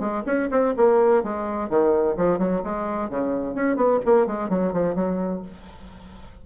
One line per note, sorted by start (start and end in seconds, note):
0.00 0.23 G#3
0.26 0.50 C#4
0.52 0.75 C4
0.77 1.24 A#3
1.24 1.70 G#3
1.70 2.17 D#3
2.18 2.39 F3
2.39 2.62 F#3
2.64 3.10 G#3
3.10 3.55 C#3
3.55 3.76 C#4
3.76 4.00 B3
4.06 4.27 A#3
4.27 4.50 G#3
4.50 4.73 F#3
4.73 4.96 F3
4.96 5.42 F#3